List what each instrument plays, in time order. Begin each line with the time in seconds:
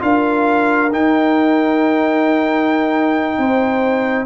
0.00 tuba D4, trombone F4, horn A#4, trumpet F5
0.92 tuba D#4, trombone D#4, trumpet G5
3.38 tuba C4, horn C5